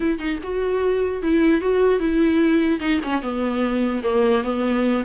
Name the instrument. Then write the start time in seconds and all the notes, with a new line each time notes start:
viola
0.00 E4
0.18 D#4
0.43 F#4
1.22 E4
1.61 F#4
1.99 E4
2.80 D#4
3.03 C#4
3.21 B3
4.03 A#3
4.43 B3